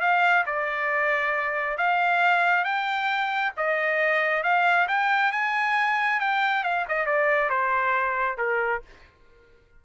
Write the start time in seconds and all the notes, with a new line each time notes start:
0.00 F5
0.46 D5
1.77 F5
2.64 G5
3.57 D#5
4.43 F5
4.88 G5
5.32 G#5
6.20 G5
6.63 F5
6.88 D#5
7.06 D5
7.50 C5
8.38 A#4